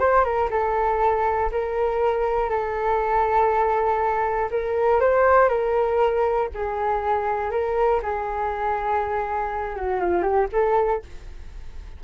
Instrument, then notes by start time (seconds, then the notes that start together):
flute
0.00 C5
0.25 A#4
0.51 A4
1.52 A#4
2.50 A4
4.51 A#4
5.01 C5
5.49 A#4
6.55 G#4
7.51 A#4
8.03 G#4
9.76 F#4
10.01 F4
10.23 G4
10.53 A4